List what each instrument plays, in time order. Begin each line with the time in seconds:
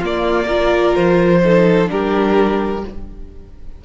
0.00 cello A#3, viola A#3, violin F4 D5
0.46 viola F4, violin A#4
0.95 cello F3, violin C5
1.44 viola D#4, violin A4
1.87 cello G3, viola D4, violin G4 A#4